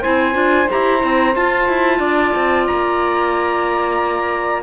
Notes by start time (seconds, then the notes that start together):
0.00 C4 E4 C5 G#5
0.32 D4 F4
0.69 E4 G4 A#5
0.99 C4 E4
1.35 F4 A5
1.68 E4
1.98 D4 D5
2.35 C4
2.67 A#3 A#5